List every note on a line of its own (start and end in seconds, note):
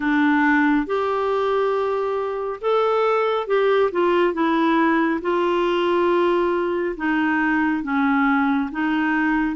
0.00 0.86 D4
0.86 2.60 G4
2.61 3.47 A4
3.47 3.91 G4
3.91 4.33 F4
4.33 5.20 E4
5.21 6.95 F4
6.96 7.83 D#4
7.83 8.70 C#4
8.71 9.56 D#4